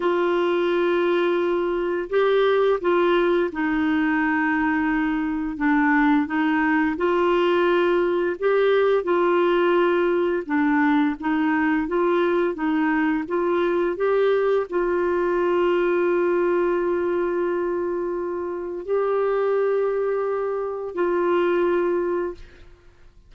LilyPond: \new Staff \with { instrumentName = "clarinet" } { \time 4/4 \tempo 4 = 86 f'2. g'4 | f'4 dis'2. | d'4 dis'4 f'2 | g'4 f'2 d'4 |
dis'4 f'4 dis'4 f'4 | g'4 f'2.~ | f'2. g'4~ | g'2 f'2 | }